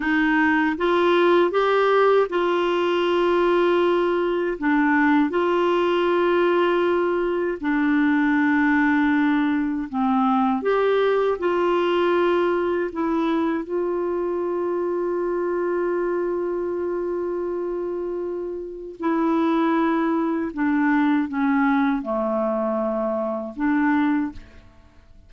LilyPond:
\new Staff \with { instrumentName = "clarinet" } { \time 4/4 \tempo 4 = 79 dis'4 f'4 g'4 f'4~ | f'2 d'4 f'4~ | f'2 d'2~ | d'4 c'4 g'4 f'4~ |
f'4 e'4 f'2~ | f'1~ | f'4 e'2 d'4 | cis'4 a2 d'4 | }